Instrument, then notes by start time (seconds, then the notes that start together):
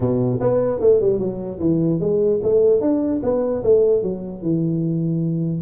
tuba
0.00 B2
0.40 B3
0.80 A3
1.00 G3
1.18 F#3
1.59 E3
2.00 G#3
2.43 A3
2.81 D4
3.23 B3
3.63 A3
4.02 F#3
4.41 E3